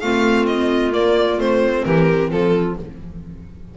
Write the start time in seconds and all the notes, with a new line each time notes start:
0.00 A3 C4 F4 F5
0.47 D#5
0.93 A#3 D5
1.39 A3 C4 C5
1.85 E3 G4 A#4
2.31 F3 F4 A4